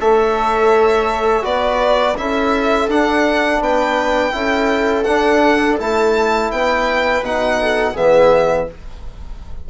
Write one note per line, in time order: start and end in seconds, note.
0.00 1.44 A3
0.00 1.42 A4
0.00 1.44 C#5
0.00 1.44 E5
1.42 2.16 B3
1.42 2.14 F#4
1.42 2.16 B4
1.42 2.17 D5
2.16 2.88 C#4
2.16 2.89 E4
2.16 3.63 A4
2.16 2.90 E5
2.88 3.60 D4
2.88 4.31 D4
2.88 3.62 F#5
3.60 4.32 B3
3.60 4.35 B4
3.60 5.03 G5
4.31 5.05 C#4
4.31 5.04 E4
4.31 6.52 A4
5.03 5.79 D4
5.03 5.80 D4
5.03 5.76 F#5
5.79 6.51 A3
5.79 7.23 E4
5.79 6.51 A5
6.51 7.21 B3
6.51 7.60 B4
6.51 7.23 G5
7.21 7.94 B2
7.21 7.95 D#4
7.21 7.96 F#5
7.60 7.92 A4
7.92 8.70 E3
7.92 8.67 B3
7.92 8.65 G#4
7.92 8.69 E5